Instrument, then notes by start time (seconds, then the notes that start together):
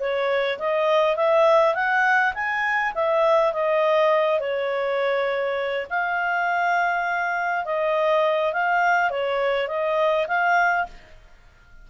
clarinet
0.00 C#5
0.59 D#5
1.17 E5
1.75 F#5
2.34 G#5
2.95 E5
3.53 D#5
4.40 C#5
5.90 F5
7.66 D#5
8.53 F5
9.11 C#5
9.68 D#5
10.28 F5